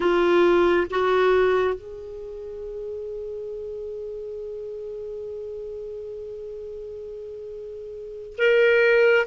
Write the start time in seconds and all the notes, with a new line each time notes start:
0.00 F4
0.90 F#4
1.74 G#4
8.37 A#4